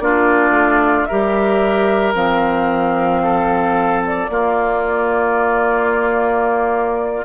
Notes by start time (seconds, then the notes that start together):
0.00 A#3 D4 F4 D5
0.50 A3
1.06 G4 A#4 E5
1.12 G3
2.14 F3 C4 F5
3.24 A4
4.06 D5
4.30 A#3 F4